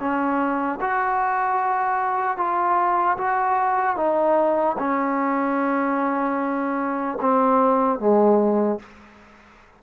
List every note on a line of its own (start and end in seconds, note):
0.00 0.80 C#4
0.81 2.38 F#4
2.38 3.18 F4
3.18 3.97 F#4
3.97 4.77 D#4
4.79 7.19 C#4
7.21 8.00 C4
8.00 8.80 G#3